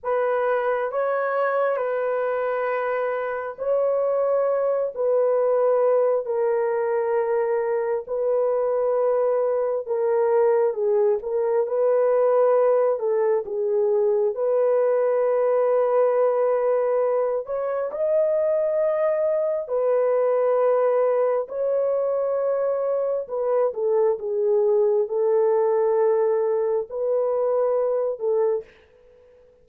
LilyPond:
\new Staff \with { instrumentName = "horn" } { \time 4/4 \tempo 4 = 67 b'4 cis''4 b'2 | cis''4. b'4. ais'4~ | ais'4 b'2 ais'4 | gis'8 ais'8 b'4. a'8 gis'4 |
b'2.~ b'8 cis''8 | dis''2 b'2 | cis''2 b'8 a'8 gis'4 | a'2 b'4. a'8 | }